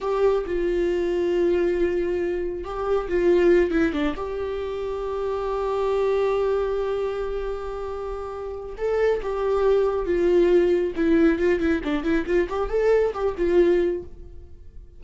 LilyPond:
\new Staff \with { instrumentName = "viola" } { \time 4/4 \tempo 4 = 137 g'4 f'2.~ | f'2 g'4 f'4~ | f'8 e'8 d'8 g'2~ g'8~ | g'1~ |
g'1 | a'4 g'2 f'4~ | f'4 e'4 f'8 e'8 d'8 e'8 | f'8 g'8 a'4 g'8 f'4. | }